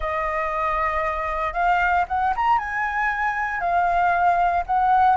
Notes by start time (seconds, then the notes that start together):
0.00 D#5
1.53 F5
2.08 F#5
2.35 A#5
2.58 G#5
3.60 F5
4.66 F#5